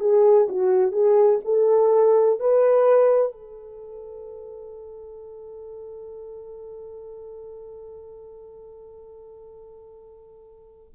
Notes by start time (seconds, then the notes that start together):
0.00 G#4
0.49 F#4
0.92 G#4
1.45 A4
2.40 B4
3.32 A4